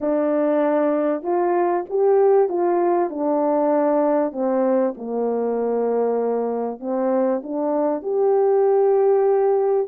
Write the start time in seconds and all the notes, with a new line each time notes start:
0.01 D4
1.22 F4
1.89 G4
2.49 F4
3.10 D4
4.32 C4
4.97 A#3
6.80 C4
7.43 D4
8.02 G4